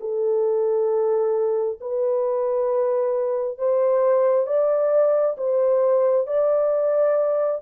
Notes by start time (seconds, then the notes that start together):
0.00 A4
1.80 B4
3.58 C5
4.47 D5
5.37 C5
6.27 D5